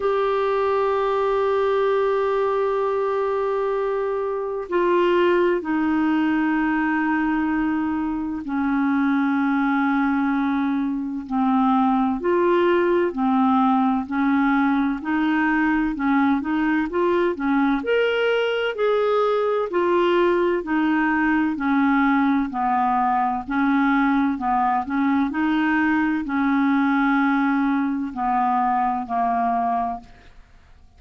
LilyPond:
\new Staff \with { instrumentName = "clarinet" } { \time 4/4 \tempo 4 = 64 g'1~ | g'4 f'4 dis'2~ | dis'4 cis'2. | c'4 f'4 c'4 cis'4 |
dis'4 cis'8 dis'8 f'8 cis'8 ais'4 | gis'4 f'4 dis'4 cis'4 | b4 cis'4 b8 cis'8 dis'4 | cis'2 b4 ais4 | }